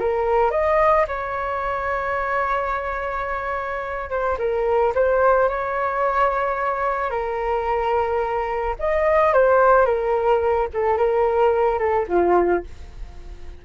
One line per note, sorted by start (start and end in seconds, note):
0.00 0.51 A#4
0.51 1.06 D#5
1.08 4.10 C#5
4.10 4.38 C5
4.38 4.93 A#4
4.95 5.49 C5
5.49 7.11 C#5
7.11 8.76 A#4
8.79 9.34 D#5
9.34 9.86 C5
9.86 10.68 A#4
10.74 10.97 A4
10.97 11.79 A#4
11.79 12.07 A4
12.09 12.64 F4